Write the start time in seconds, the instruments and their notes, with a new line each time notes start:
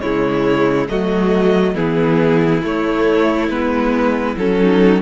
0.00 cello C#3, viola G#3, violin E4 C#5
0.88 cello F#3, viola A3, violin F#4 D#5
1.74 cello E3, viola B3, violin E4 G#4
2.63 viola A3, cello A3, violin C#5
3.49 cello G#3, viola B3, violin B4
4.37 cello F#3, viola C#4, violin A4
4.61 violin D#4